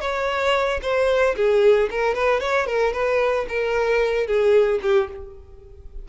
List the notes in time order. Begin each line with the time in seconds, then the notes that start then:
0.00 C#5
0.82 C5
1.36 G#4
1.90 A#4
2.14 B4
2.40 C#5
2.66 A#4
2.93 B4
3.48 A#4
4.26 G#4
4.82 G4